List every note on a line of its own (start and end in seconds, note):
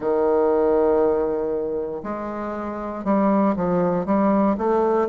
0.00 2.02 D#3
2.03 3.04 G#3
3.04 3.55 G3
3.55 4.05 F3
4.05 4.56 G3
4.57 5.08 A3